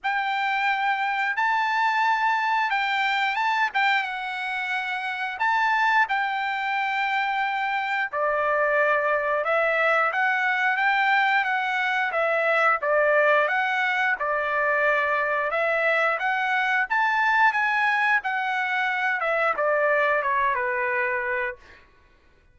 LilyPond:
\new Staff \with { instrumentName = "trumpet" } { \time 4/4 \tempo 4 = 89 g''2 a''2 | g''4 a''8 g''8 fis''2 | a''4 g''2. | d''2 e''4 fis''4 |
g''4 fis''4 e''4 d''4 | fis''4 d''2 e''4 | fis''4 a''4 gis''4 fis''4~ | fis''8 e''8 d''4 cis''8 b'4. | }